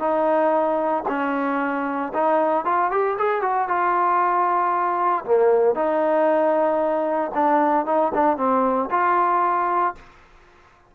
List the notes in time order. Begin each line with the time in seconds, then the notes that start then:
0.00 D#4
1.09 C#4
2.14 D#4
2.65 F4
2.91 G4
3.18 G#4
3.42 F#4
3.69 F4
5.25 A#3
5.75 D#4
7.35 D4
7.86 D#4
8.15 D4
8.37 C4
8.91 F4